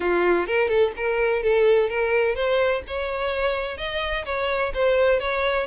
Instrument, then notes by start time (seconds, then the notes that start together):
violin
0.00 F4
0.46 A#4
0.68 A4
0.96 A#4
1.42 A4
1.89 A#4
2.35 C5
2.87 C#5
3.77 D#5
4.25 C#5
4.74 C5
5.19 C#5